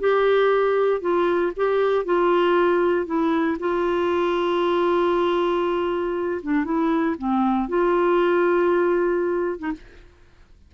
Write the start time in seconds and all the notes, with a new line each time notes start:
0.00 G4
1.01 F4
1.57 G4
2.05 F4
3.06 E4
3.59 F4
6.43 D4
6.65 E4
7.18 C4
7.69 F4
9.59 D#4